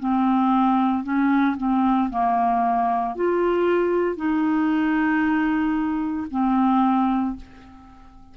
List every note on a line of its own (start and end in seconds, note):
0.00 1.04 C4
1.04 1.57 C#4
1.57 2.10 C4
2.11 3.16 A#3
3.16 4.17 F4
4.17 6.27 D#4
6.31 7.36 C4